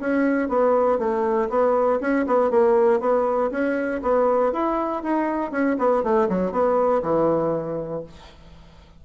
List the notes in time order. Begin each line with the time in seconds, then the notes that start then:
0.00 C#4
0.48 B3
0.98 A3
1.49 B3
2.00 C#4
2.26 B3
2.50 A#3
3.00 B3
3.51 C#4
4.02 B3
4.52 E4
5.03 D#4
5.51 C#4
5.78 B3
6.03 A3
6.28 F#3
6.51 B3
7.02 E3